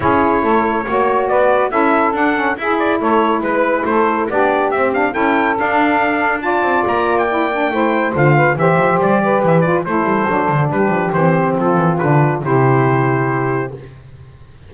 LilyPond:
<<
  \new Staff \with { instrumentName = "trumpet" } { \time 4/4 \tempo 4 = 140 cis''2. d''4 | e''4 fis''4 e''8 d''8 cis''4 | b'4 c''4 d''4 e''8 f''8 | g''4 f''2 a''4 |
ais''8. g''2~ g''16 f''4 | e''4 d''4 e''8 d''8 c''4~ | c''4 b'4 c''4 a'4 | b'4 c''2. | }
  \new Staff \with { instrumentName = "saxophone" } { \time 4/4 gis'4 a'4 cis''4 b'4 | a'2 gis'4 a'4 | b'4 a'4 g'2 | a'2. d''4~ |
d''2 c''4. b'8 | c''4. b'4. a'4~ | a'4 g'2 f'4~ | f'4 g'2. | }
  \new Staff \with { instrumentName = "saxophone" } { \time 4/4 e'2 fis'2 | e'4 d'8 cis'8 e'2~ | e'2 d'4 c'8 d'8 | e'4 d'2 f'4~ |
f'4 e'8 d'8 e'4 f'4 | g'2~ g'8 f'8 e'4 | d'2 c'2 | d'4 e'2. | }
  \new Staff \with { instrumentName = "double bass" } { \time 4/4 cis'4 a4 ais4 b4 | cis'4 d'4 e'4 a4 | gis4 a4 b4 c'4 | cis'4 d'2~ d'8 c'8 |
ais2 a4 d4 | e8 f8 g4 e4 a8 g8 | fis8 d8 g8 f8 e4 f8 e8 | d4 c2. | }
>>